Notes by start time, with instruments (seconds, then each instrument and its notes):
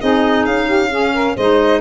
0.00 tuba C4, clarinet D#4, saxophone G#4, violin D#5
0.45 tuba C#4, violin F5
0.65 saxophone G4
0.89 clarinet C#4, saxophone G#4
1.13 saxophone A#4
1.35 tuba G#3, clarinet D#4, saxophone C5, violin D#5